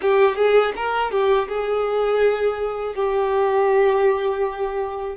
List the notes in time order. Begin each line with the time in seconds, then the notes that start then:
0.01 G4
0.35 G#4
0.76 A#4
1.11 G4
1.48 G#4
2.95 G4